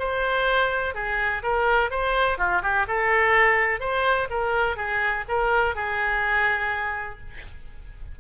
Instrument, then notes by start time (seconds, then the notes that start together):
oboe
0.00 C5
0.95 G#4
1.43 A#4
1.91 C5
2.39 F4
2.63 G4
2.88 A4
3.81 C5
4.30 A#4
4.77 G#4
5.29 A#4
5.76 G#4